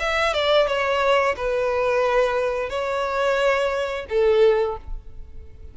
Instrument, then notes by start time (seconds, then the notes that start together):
violin
0.00 E5
0.33 D5
0.67 C#5
1.37 B4
2.70 C#5
4.09 A4